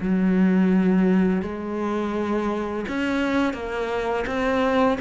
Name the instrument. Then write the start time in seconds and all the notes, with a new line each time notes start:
cello
0.00 F#3
1.42 G#3
2.88 C#4
3.53 A#3
4.26 C4